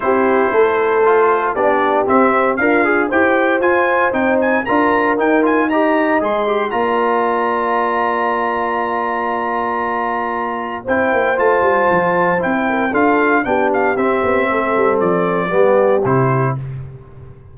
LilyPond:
<<
  \new Staff \with { instrumentName = "trumpet" } { \time 4/4 \tempo 4 = 116 c''2. d''4 | e''4 f''4 g''4 gis''4 | g''8 gis''8 ais''4 g''8 gis''8 ais''4 | c'''4 ais''2.~ |
ais''1~ | ais''4 g''4 a''2 | g''4 f''4 g''8 f''8 e''4~ | e''4 d''2 c''4 | }
  \new Staff \with { instrumentName = "horn" } { \time 4/4 g'4 a'2 g'4~ | g'4 f'4 c''2~ | c''4 ais'2 dis''4~ | dis''4 d''2.~ |
d''1~ | d''4 c''2.~ | c''8 ais'8 a'4 g'2 | a'2 g'2 | }
  \new Staff \with { instrumentName = "trombone" } { \time 4/4 e'2 f'4 d'4 | c'4 ais'8 gis'8 g'4 f'4 | dis'4 f'4 dis'8 f'8 g'4 | gis'8 g'8 f'2.~ |
f'1~ | f'4 e'4 f'2 | e'4 f'4 d'4 c'4~ | c'2 b4 e'4 | }
  \new Staff \with { instrumentName = "tuba" } { \time 4/4 c'4 a2 b4 | c'4 d'4 e'4 f'4 | c'4 d'4 dis'2 | gis4 ais2.~ |
ais1~ | ais4 c'8 ais8 a8 g8 f4 | c'4 d'4 b4 c'8 b8 | a8 g8 f4 g4 c4 | }
>>